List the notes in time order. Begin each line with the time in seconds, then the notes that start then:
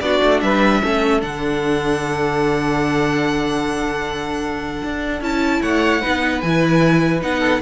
0.00 B3 D4 F#4 D5
0.23 A3
0.41 G3 B4 E5
0.81 A3 C#4 A4
1.20 D3 D4 F#5
4.83 D4
5.20 C#4 E4 A5
5.61 A3 C#5 F#5
6.01 B3 D#4 B4
6.41 E3 E4 G#5
7.21 B3 D#4 F#5
7.39 A4